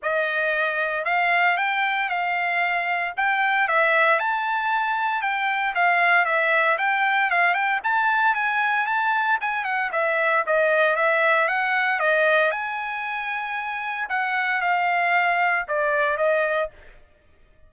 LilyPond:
\new Staff \with { instrumentName = "trumpet" } { \time 4/4 \tempo 4 = 115 dis''2 f''4 g''4 | f''2 g''4 e''4 | a''2 g''4 f''4 | e''4 g''4 f''8 g''8 a''4 |
gis''4 a''4 gis''8 fis''8 e''4 | dis''4 e''4 fis''4 dis''4 | gis''2. fis''4 | f''2 d''4 dis''4 | }